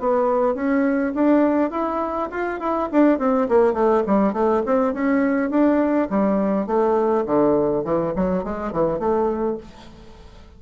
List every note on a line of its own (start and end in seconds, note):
0.00 0.55 B3
0.55 1.13 C#4
1.15 1.71 D4
1.71 2.29 E4
2.31 2.60 F4
2.60 2.89 E4
2.92 3.19 D4
3.19 3.48 C4
3.49 3.74 A#3
3.74 4.03 A3
4.07 4.33 G3
4.33 4.62 A3
4.66 4.93 C4
4.93 5.50 C#4
5.50 6.08 D4
6.10 6.67 G3
6.67 7.25 A3
7.26 7.84 D3
7.85 8.14 E3
8.16 8.44 F#3
8.44 8.72 G#3
8.72 8.99 E3
8.99 9.57 A3